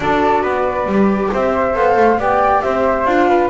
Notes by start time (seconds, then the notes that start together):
0.00 D4 F#4 A4 D5
0.42 B3 B4
0.86 G3 G4
1.32 C4 C5 E5
1.74 B3 A4 F5
1.96 A3
2.18 B3 G4 D5 G5
2.61 C4 C5 E5
3.05 D4 F4 F5
3.28 B4